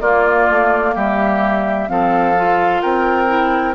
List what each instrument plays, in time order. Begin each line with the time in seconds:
0.00 bassoon A#3, clarinet A#3, oboe F4, flute D5
0.49 bassoon A3
0.94 bassoon G3, oboe G4, flute E5
1.88 bassoon F3, clarinet C4, oboe A4, flute F5
2.36 clarinet F4
2.81 bassoon C4, oboe A#4, flute G5
3.27 clarinet E4